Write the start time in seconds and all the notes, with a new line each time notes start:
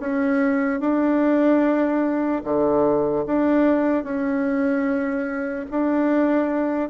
0.00 C#4
0.80 D4
2.44 D3
3.26 D4
4.04 C#4
5.71 D4